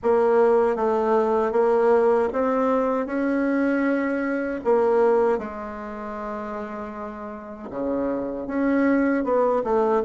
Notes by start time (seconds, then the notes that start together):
0.02 A#3
0.76 A3
1.51 A#3
2.33 C4
3.06 C#4
4.64 A#3
5.38 G#3
7.70 C#3
8.47 C#4
9.24 B3
9.64 A3